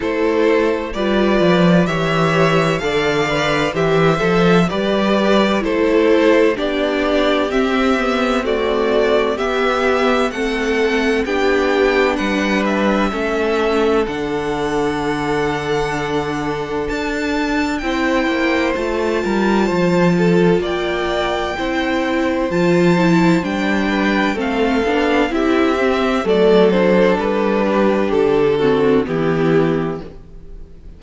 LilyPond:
<<
  \new Staff \with { instrumentName = "violin" } { \time 4/4 \tempo 4 = 64 c''4 d''4 e''4 f''4 | e''4 d''4 c''4 d''4 | e''4 d''4 e''4 fis''4 | g''4 fis''8 e''4. fis''4~ |
fis''2 a''4 g''4 | a''2 g''2 | a''4 g''4 f''4 e''4 | d''8 c''8 b'4 a'4 g'4 | }
  \new Staff \with { instrumentName = "violin" } { \time 4/4 a'4 b'4 cis''4 d''4 | g'8 a'8 b'4 a'4 g'4~ | g'4 fis'4 g'4 a'4 | g'4 b'4 a'2~ |
a'2. c''4~ | c''8 ais'8 c''8 a'8 d''4 c''4~ | c''4. b'8 a'4 g'4 | a'4. g'4 fis'8 e'4 | }
  \new Staff \with { instrumentName = "viola" } { \time 4/4 e'4 f'4 g'4 a'8 b'8 | c''4 g'4 e'4 d'4 | c'8 b8 a4 b4 c'4 | d'2 cis'4 d'4~ |
d'2. e'4 | f'2. e'4 | f'8 e'8 d'4 c'8 d'8 e'8 c'8 | a8 d'2 c'8 b4 | }
  \new Staff \with { instrumentName = "cello" } { \time 4/4 a4 g8 f8 e4 d4 | e8 f8 g4 a4 b4 | c'2 b4 a4 | b4 g4 a4 d4~ |
d2 d'4 c'8 ais8 | a8 g8 f4 ais4 c'4 | f4 g4 a8 b8 c'4 | fis4 g4 d4 e4 | }
>>